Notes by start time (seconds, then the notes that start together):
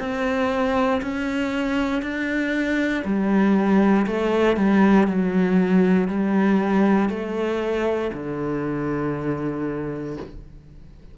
0.00 C4
1.02 C#4
2.02 D4
3.05 G3
4.07 A3
4.57 G3
5.08 F#3
6.08 G3
7.10 A3
8.14 D3